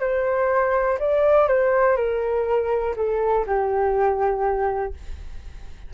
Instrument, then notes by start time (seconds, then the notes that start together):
flute
0.00 C5
0.99 D5
1.48 C5
1.96 A#4
2.96 A4
3.46 G4